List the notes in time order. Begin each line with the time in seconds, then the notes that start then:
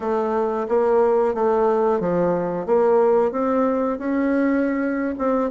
0.00 A3
0.68 A#3
1.34 A3
1.99 F3
2.66 A#3
3.32 C4
3.98 C#4
5.18 C4